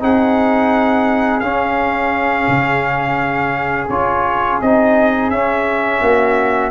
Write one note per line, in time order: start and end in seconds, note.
0.00 1.42 C4
0.00 1.41 D#4
0.00 6.00 G#4
0.00 1.40 F#5
1.40 2.48 C#4
1.40 3.89 C#4
1.40 3.87 F5
2.48 3.89 C#3
3.89 4.60 C#4
3.89 4.61 F4
3.89 4.60 C#5
4.61 5.30 C4
4.61 5.32 D#4
4.61 5.30 D#5
5.30 6.01 C#4
5.30 6.71 C#4
5.30 6.71 E5
6.00 6.71 A#3
6.00 6.70 F#4